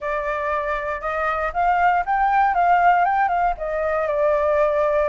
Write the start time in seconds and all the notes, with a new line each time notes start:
0.00 D5
1.00 D#5
1.53 F5
2.05 G5
2.54 F5
3.04 G5
3.28 F5
3.57 D#5
4.07 D5